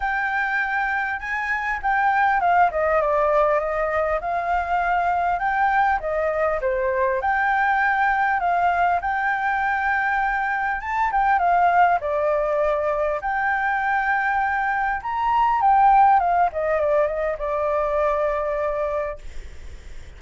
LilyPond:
\new Staff \with { instrumentName = "flute" } { \time 4/4 \tempo 4 = 100 g''2 gis''4 g''4 | f''8 dis''8 d''4 dis''4 f''4~ | f''4 g''4 dis''4 c''4 | g''2 f''4 g''4~ |
g''2 a''8 g''8 f''4 | d''2 g''2~ | g''4 ais''4 g''4 f''8 dis''8 | d''8 dis''8 d''2. | }